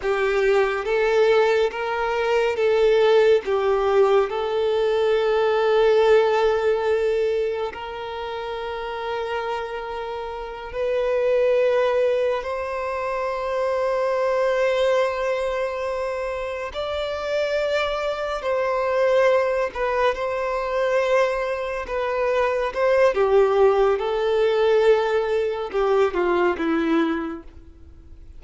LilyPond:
\new Staff \with { instrumentName = "violin" } { \time 4/4 \tempo 4 = 70 g'4 a'4 ais'4 a'4 | g'4 a'2.~ | a'4 ais'2.~ | ais'8 b'2 c''4.~ |
c''2.~ c''8 d''8~ | d''4. c''4. b'8 c''8~ | c''4. b'4 c''8 g'4 | a'2 g'8 f'8 e'4 | }